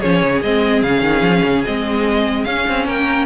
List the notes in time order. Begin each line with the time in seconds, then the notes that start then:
0.00 F3 C#4 G#4 C#5
0.23 C#3
0.42 G#3 C4 D#5
0.82 C#3 C#4 F5
1.02 D#3
1.21 F3
1.43 C#3
1.65 G#3 C4 D#5
2.44 C#4 F5
2.68 C4
2.85 A#3 A#4 G5